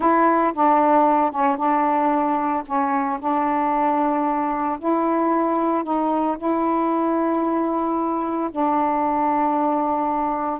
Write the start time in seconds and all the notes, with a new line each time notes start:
0.00 E4
0.54 D4
1.31 C#4
1.56 D4
2.66 C#4
3.19 D4
4.79 E4
5.83 D#4
6.37 E4
8.51 D4